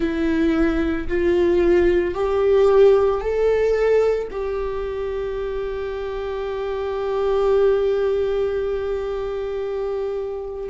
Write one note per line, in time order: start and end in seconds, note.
0.00 1.07 E4
1.08 2.14 F4
2.14 3.20 G4
3.20 4.28 A4
4.31 10.69 G4